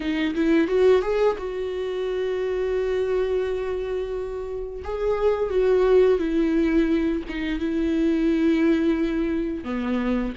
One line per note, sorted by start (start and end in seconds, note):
0.00 0.34 D#4
0.34 0.67 E4
0.67 1.02 F#4
1.02 1.36 G#4
1.38 4.82 F#4
4.83 5.50 G#4
5.50 6.18 F#4
6.18 7.22 E4
7.28 7.59 D#4
7.59 9.64 E4
9.64 10.33 B3